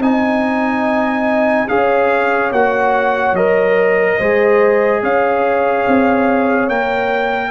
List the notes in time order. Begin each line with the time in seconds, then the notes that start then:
0.00 C4 D#4 D#5 G#5
1.68 C#4 G#4 C#5 F5
2.52 A#3 F#4 F#5
3.32 F#3 A#4 D#5
4.18 G#3 G#4 C5
5.02 C#4 C#5 F5
5.87 C4
6.69 A#3 A#4 G5